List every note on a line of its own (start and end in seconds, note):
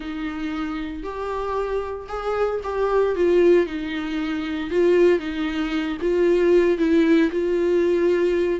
0.00 1.03 D#4
1.03 2.07 G4
2.08 2.60 G#4
2.63 3.15 G4
3.15 3.66 F4
3.66 4.70 D#4
4.70 5.19 F4
5.19 5.97 D#4
6.01 6.78 F4
6.78 7.30 E4
7.31 8.60 F4